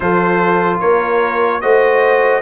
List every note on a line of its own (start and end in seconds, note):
0.00 0.79 F3
0.00 1.62 F4
0.00 0.80 A4
0.00 0.79 C5
0.80 1.63 A#3
0.80 1.61 A#4
0.80 1.60 C#5
1.60 2.42 A3
1.60 2.42 F#4
1.60 2.42 C5
1.60 2.42 D#5